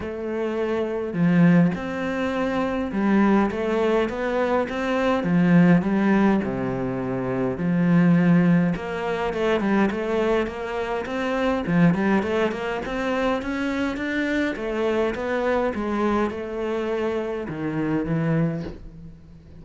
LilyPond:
\new Staff \with { instrumentName = "cello" } { \time 4/4 \tempo 4 = 103 a2 f4 c'4~ | c'4 g4 a4 b4 | c'4 f4 g4 c4~ | c4 f2 ais4 |
a8 g8 a4 ais4 c'4 | f8 g8 a8 ais8 c'4 cis'4 | d'4 a4 b4 gis4 | a2 dis4 e4 | }